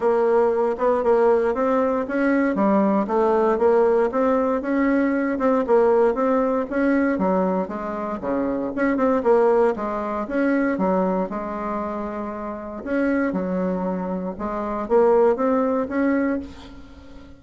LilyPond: \new Staff \with { instrumentName = "bassoon" } { \time 4/4 \tempo 4 = 117 ais4. b8 ais4 c'4 | cis'4 g4 a4 ais4 | c'4 cis'4. c'8 ais4 | c'4 cis'4 fis4 gis4 |
cis4 cis'8 c'8 ais4 gis4 | cis'4 fis4 gis2~ | gis4 cis'4 fis2 | gis4 ais4 c'4 cis'4 | }